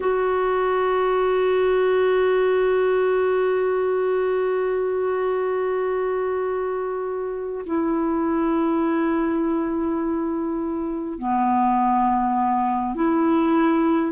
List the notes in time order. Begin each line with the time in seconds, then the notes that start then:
0.00 F#4
7.66 E4
11.18 B3
12.95 E4